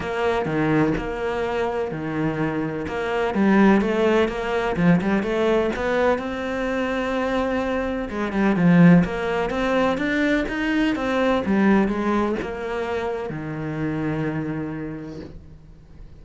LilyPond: \new Staff \with { instrumentName = "cello" } { \time 4/4 \tempo 4 = 126 ais4 dis4 ais2 | dis2 ais4 g4 | a4 ais4 f8 g8 a4 | b4 c'2.~ |
c'4 gis8 g8 f4 ais4 | c'4 d'4 dis'4 c'4 | g4 gis4 ais2 | dis1 | }